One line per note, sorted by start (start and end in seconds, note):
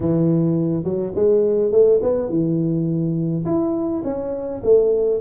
0.00 0.84 E3
0.84 1.12 F#3
1.15 1.71 G#3
1.71 2.00 A3
2.02 2.29 B3
2.29 3.44 E3
3.45 4.03 E4
4.04 4.61 C#4
4.63 5.21 A3